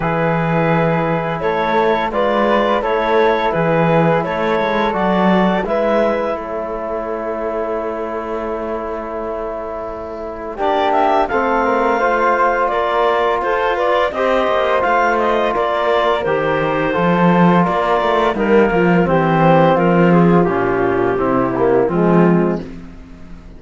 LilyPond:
<<
  \new Staff \with { instrumentName = "clarinet" } { \time 4/4 \tempo 4 = 85 b'2 cis''4 d''4 | cis''4 b'4 cis''4 d''4 | e''4 cis''2.~ | cis''2. d''8 e''8 |
f''2 d''4 c''8 d''8 | dis''4 f''8 dis''8 d''4 c''4~ | c''4 d''4 ais'4 c''4 | ais'8 gis'8 g'2 f'4 | }
  \new Staff \with { instrumentName = "flute" } { \time 4/4 gis'2 a'4 b'4 | a'4 gis'4 a'2 | b'4 a'2.~ | a'2. g'4 |
a'8 ais'8 c''4 ais'4 a'8 b'8 | c''2 ais'2 | a'4 ais'4 dis'8 f'8 g'4 | f'2 e'4 c'4 | }
  \new Staff \with { instrumentName = "trombone" } { \time 4/4 e'2. f'4 | e'2. fis'4 | e'1~ | e'2. d'4 |
c'4 f'2. | g'4 f'2 g'4 | f'2 ais4 c'4~ | c'4 cis'4 c'8 ais8 gis4 | }
  \new Staff \with { instrumentName = "cello" } { \time 4/4 e2 a4 gis4 | a4 e4 a8 gis8 fis4 | gis4 a2.~ | a2. ais4 |
a2 ais4 f'4 | c'8 ais8 a4 ais4 dis4 | f4 ais8 a8 g8 f8 e4 | f4 ais,4 c4 f4 | }
>>